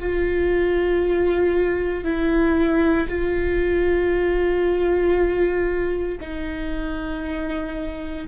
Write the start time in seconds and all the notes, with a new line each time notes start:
0.00 F4
2.05 E4
3.09 F4
6.21 D#4